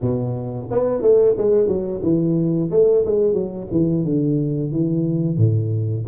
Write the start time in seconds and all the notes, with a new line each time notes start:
0.01 B2
0.70 B3
1.01 A3
1.37 G#3
1.67 F#3
2.02 E3
2.71 A3
3.05 G#3
3.33 F#3
3.71 E3
4.04 D3
4.71 E3
5.37 A2